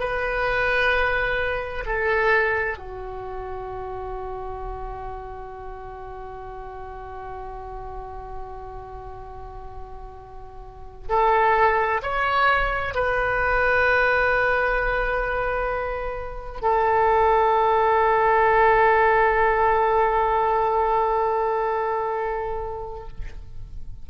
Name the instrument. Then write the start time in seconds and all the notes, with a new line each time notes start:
oboe
0.00 B4
1.86 A4
2.78 F#4
11.09 A4
12.03 C#5
12.94 B4
16.62 A4